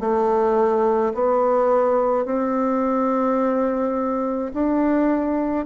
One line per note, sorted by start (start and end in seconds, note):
0.00 1.13 A3
1.14 2.25 B3
2.25 4.52 C4
4.53 5.66 D4